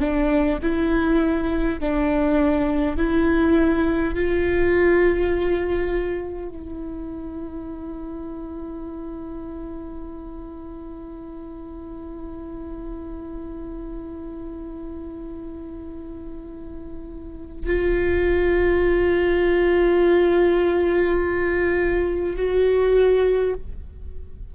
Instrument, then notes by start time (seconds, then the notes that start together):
viola
0.00 D4
0.62 E4
1.80 D4
2.96 E4
4.14 F4
6.49 E4
17.66 F4
22.36 F#4